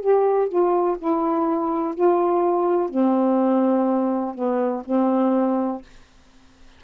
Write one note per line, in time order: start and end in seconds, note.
0.00 0.48 G4
0.48 0.97 F4
0.98 1.94 E4
1.94 2.89 F4
2.89 4.34 C4
4.35 4.83 B3
4.85 5.82 C4